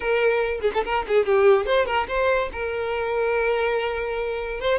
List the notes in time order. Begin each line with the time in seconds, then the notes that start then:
0.00 A#4
0.61 G#4
0.74 A4
0.84 A#4
1.08 G#4
1.25 G4
1.66 C5
1.85 A#4
2.08 C5
2.52 A#4
4.60 C5